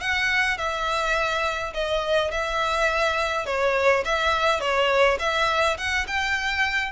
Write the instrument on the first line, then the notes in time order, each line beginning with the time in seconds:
violin
0.00 F#5
0.57 E5
1.74 D#5
2.31 E5
3.46 C#5
4.04 E5
4.60 C#5
5.19 E5
5.77 F#5
6.07 G5